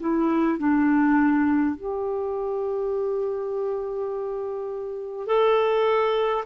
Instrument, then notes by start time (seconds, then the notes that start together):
clarinet
0.00 E4
0.59 D4
1.76 G4
5.27 A4